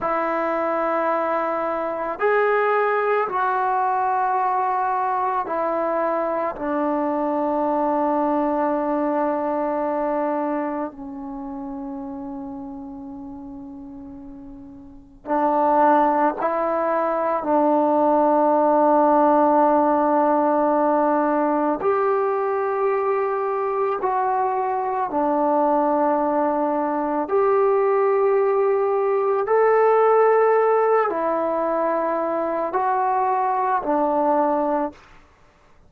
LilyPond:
\new Staff \with { instrumentName = "trombone" } { \time 4/4 \tempo 4 = 55 e'2 gis'4 fis'4~ | fis'4 e'4 d'2~ | d'2 cis'2~ | cis'2 d'4 e'4 |
d'1 | g'2 fis'4 d'4~ | d'4 g'2 a'4~ | a'8 e'4. fis'4 d'4 | }